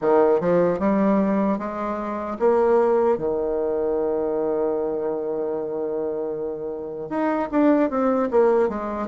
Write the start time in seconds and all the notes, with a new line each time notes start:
0.01 D#3
0.40 F3
0.79 G3
1.58 G#3
2.39 A#3
3.17 D#3
7.09 D#4
7.51 D4
7.89 C4
8.30 A#3
8.68 G#3